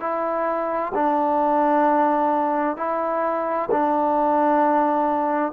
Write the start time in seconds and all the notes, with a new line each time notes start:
0.00 E4
0.94 D4
2.77 E4
3.71 D4